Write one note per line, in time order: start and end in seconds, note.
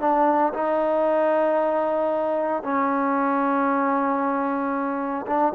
0.00 0.53 D4
0.53 2.63 D#4
2.63 5.26 C#4
5.26 5.53 D4